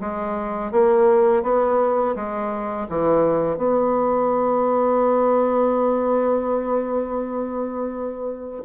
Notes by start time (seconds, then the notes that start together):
0.00 G#3
0.71 A#3
1.43 B3
2.15 G#3
2.89 E3
3.57 B3